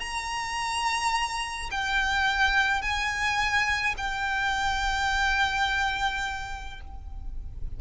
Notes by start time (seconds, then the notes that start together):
0.00 A#5
1.71 G5
2.82 G#5
3.98 G5